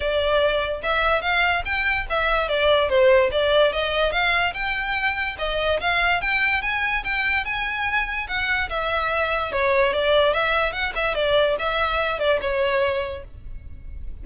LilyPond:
\new Staff \with { instrumentName = "violin" } { \time 4/4 \tempo 4 = 145 d''2 e''4 f''4 | g''4 e''4 d''4 c''4 | d''4 dis''4 f''4 g''4~ | g''4 dis''4 f''4 g''4 |
gis''4 g''4 gis''2 | fis''4 e''2 cis''4 | d''4 e''4 fis''8 e''8 d''4 | e''4. d''8 cis''2 | }